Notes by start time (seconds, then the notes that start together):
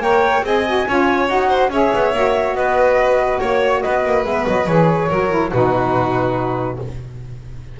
0.00 A#3 A#4 C#5 G5
0.43 C4 G#4 D#5 G#5
0.66 F#4
0.88 C#4 F4 C#5
1.28 D#4 F#4 F#5
1.49 C5
1.69 C#4 G#4 C#5 E5
1.94 B3
2.14 A#3 F#4
2.55 B3 B4 D#5
3.40 A#3 C#5
3.82 B3 B4 D#5
4.05 A#3
4.24 G#3 B3 E5
4.47 F#3 D#5
4.67 E3 G#4 C#5
5.08 F#3 F#4 A#4
5.29 E4
5.52 B2 D#4 F#4 B4